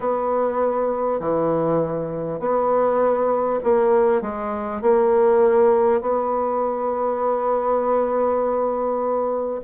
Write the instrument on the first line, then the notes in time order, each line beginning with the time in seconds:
bassoon
0.00 B3
1.19 E3
2.39 B3
3.63 A#3
4.21 G#3
4.81 A#3
6.01 B3